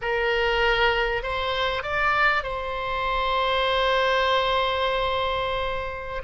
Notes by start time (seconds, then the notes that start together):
0.01 A#4
1.22 C5
1.82 D5
2.43 C5